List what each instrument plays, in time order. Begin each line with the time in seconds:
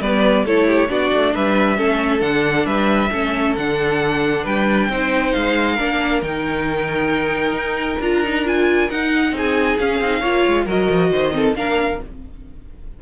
0.00 cello G3, viola B3, violin B4 D5
0.44 cello A3, viola E4, violin A4 C#5
0.67 violin G4
0.88 cello B3, viola D4, violin F#4 D5
1.13 cello A3
1.34 cello G3, violin B4 E5
1.77 cello A3, viola C#4, violin A4
2.19 cello D3, viola D4, violin F#5
2.65 cello G3, violin B4 E5
3.11 cello A3, viola C#4, violin A4
3.56 cello D3, viola D4, violin F#5
4.43 cello G3, violin B4 G5
4.89 cello C4, viola D#4, violin C5
5.33 cello G#3, violin F5
5.74 cello A#3, viola D4, violin A#4
6.22 cello D#3, viola D#4, violin G5
7.52 cello D#4
8.00 cello D4, viola F4, violin A#5
8.24 viola D#4
8.44 viola F4, violin G#5
8.90 viola D#4, cello D#4, violin F#5
9.31 cello C4, violin G#4
9.37 violin G#5
9.78 cello C#4, viola C#4, violin F5
10.00 cello C4, viola D#4
10.20 cello A#3, viola F4, violin C#5
10.47 cello G#3
10.65 cello F#3, viola F#4, violin A#4 D#5
10.90 cello F3
11.10 cello D#3, violin C5
11.32 viola C4, violin A4
11.55 cello A#3, viola D4, violin A#4 F5